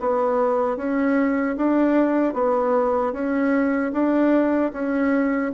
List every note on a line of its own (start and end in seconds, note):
0.00 0.77 B3
0.77 1.56 C#4
1.56 2.34 D4
2.34 3.13 B3
3.13 3.92 C#4
3.93 4.72 D4
4.73 5.52 C#4